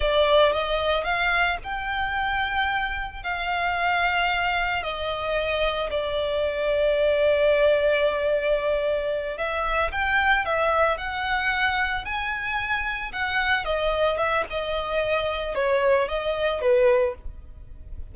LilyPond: \new Staff \with { instrumentName = "violin" } { \time 4/4 \tempo 4 = 112 d''4 dis''4 f''4 g''4~ | g''2 f''2~ | f''4 dis''2 d''4~ | d''1~ |
d''4. e''4 g''4 e''8~ | e''8 fis''2 gis''4.~ | gis''8 fis''4 dis''4 e''8 dis''4~ | dis''4 cis''4 dis''4 b'4 | }